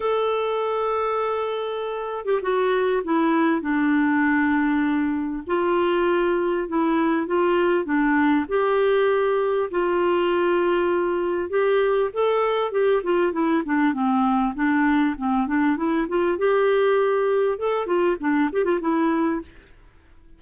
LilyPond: \new Staff \with { instrumentName = "clarinet" } { \time 4/4 \tempo 4 = 99 a'2.~ a'8. g'16 | fis'4 e'4 d'2~ | d'4 f'2 e'4 | f'4 d'4 g'2 |
f'2. g'4 | a'4 g'8 f'8 e'8 d'8 c'4 | d'4 c'8 d'8 e'8 f'8 g'4~ | g'4 a'8 f'8 d'8 g'16 f'16 e'4 | }